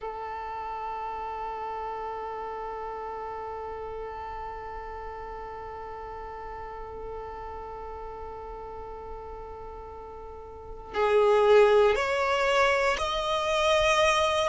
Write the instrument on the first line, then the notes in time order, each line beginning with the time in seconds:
violin
0.01 A4
10.93 G#4
11.95 C#5
12.98 D#5